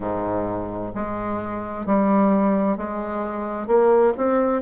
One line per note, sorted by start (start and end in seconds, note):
0.00 0.92 G#2
0.94 1.86 G#3
1.86 2.77 G3
2.77 3.67 G#3
3.67 4.13 A#3
4.17 4.62 C4